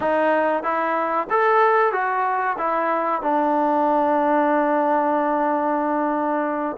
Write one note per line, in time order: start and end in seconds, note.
0.00 0.63 D#4
0.63 1.27 E4
1.29 1.92 A4
1.92 2.56 F#4
2.58 3.21 E4
3.21 6.76 D4